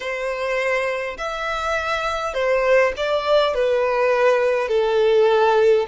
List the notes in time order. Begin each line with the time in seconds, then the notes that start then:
0.00 C5
1.17 E5
2.34 C5
2.96 D5
3.54 B4
4.68 A4